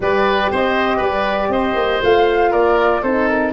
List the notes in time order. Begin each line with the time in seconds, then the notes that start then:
0.00 G3 G4 B4 D5
0.51 C4 C5 D#5
0.97 G3 B4 D5
1.48 C4 C5 D#5
1.75 A#3
2.02 A3 F4 F5
2.50 A#3 A#4 D5
3.02 C4 D#4 A4 C5
3.27 A#4